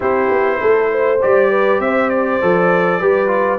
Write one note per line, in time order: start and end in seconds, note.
0.00 0.30 C4
0.00 1.18 E4
0.00 0.58 G4
0.00 1.21 C5
0.30 0.60 B3
0.60 1.22 A3
0.60 0.90 A4
0.91 1.50 C5
1.21 1.79 G3
1.21 2.41 G4
1.21 1.80 D5
1.50 1.80 B4
1.79 2.39 C4
1.79 3.00 C5
1.79 2.09 E5
2.09 3.58 D5
2.41 3.00 F3
2.41 3.00 A4
3.00 3.58 G3
3.00 3.27 G4
3.00 3.58 B4
3.27 3.57 F4